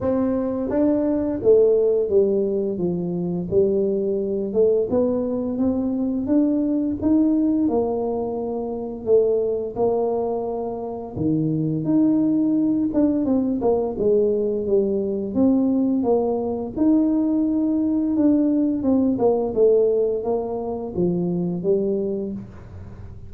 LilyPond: \new Staff \with { instrumentName = "tuba" } { \time 4/4 \tempo 4 = 86 c'4 d'4 a4 g4 | f4 g4. a8 b4 | c'4 d'4 dis'4 ais4~ | ais4 a4 ais2 |
dis4 dis'4. d'8 c'8 ais8 | gis4 g4 c'4 ais4 | dis'2 d'4 c'8 ais8 | a4 ais4 f4 g4 | }